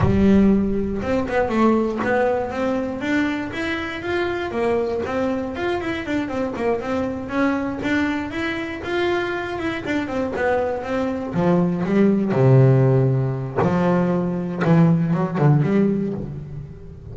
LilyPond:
\new Staff \with { instrumentName = "double bass" } { \time 4/4 \tempo 4 = 119 g2 c'8 b8 a4 | b4 c'4 d'4 e'4 | f'4 ais4 c'4 f'8 e'8 | d'8 c'8 ais8 c'4 cis'4 d'8~ |
d'8 e'4 f'4. e'8 d'8 | c'8 b4 c'4 f4 g8~ | g8 c2~ c8 f4~ | f4 e4 fis8 d8 g4 | }